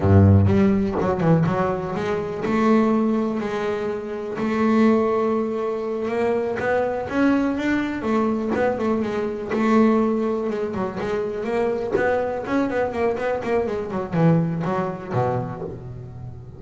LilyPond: \new Staff \with { instrumentName = "double bass" } { \time 4/4 \tempo 4 = 123 g,4 g4 fis8 e8 fis4 | gis4 a2 gis4~ | gis4 a2.~ | a8 ais4 b4 cis'4 d'8~ |
d'8 a4 b8 a8 gis4 a8~ | a4. gis8 fis8 gis4 ais8~ | ais8 b4 cis'8 b8 ais8 b8 ais8 | gis8 fis8 e4 fis4 b,4 | }